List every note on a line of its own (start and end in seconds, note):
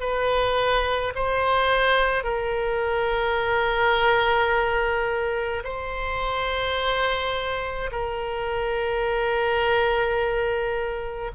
0.00 1.13 B4
1.15 2.24 C5
2.24 5.63 A#4
5.64 7.90 C5
7.92 11.32 A#4